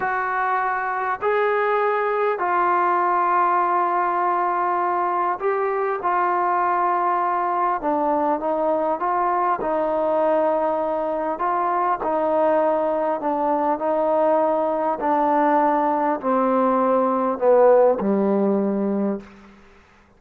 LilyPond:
\new Staff \with { instrumentName = "trombone" } { \time 4/4 \tempo 4 = 100 fis'2 gis'2 | f'1~ | f'4 g'4 f'2~ | f'4 d'4 dis'4 f'4 |
dis'2. f'4 | dis'2 d'4 dis'4~ | dis'4 d'2 c'4~ | c'4 b4 g2 | }